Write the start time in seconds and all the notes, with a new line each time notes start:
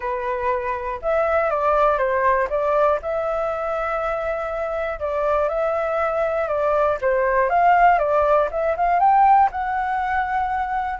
0.00 B4
1.02 E5
1.50 D5
1.97 C5
2.49 D5
3.01 E5
4.99 D5
5.48 E5
6.47 D5
7.01 C5
7.49 F5
7.98 D5
8.51 E5
8.76 F5
8.99 G5
9.51 F#5